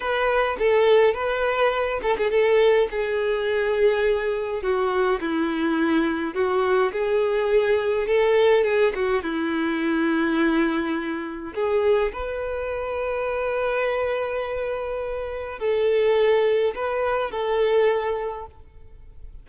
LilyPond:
\new Staff \with { instrumentName = "violin" } { \time 4/4 \tempo 4 = 104 b'4 a'4 b'4. a'16 gis'16 | a'4 gis'2. | fis'4 e'2 fis'4 | gis'2 a'4 gis'8 fis'8 |
e'1 | gis'4 b'2.~ | b'2. a'4~ | a'4 b'4 a'2 | }